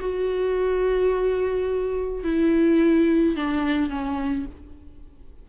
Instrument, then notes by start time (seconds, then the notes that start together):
viola
0.00 F#4
2.24 E4
3.36 D4
3.89 C#4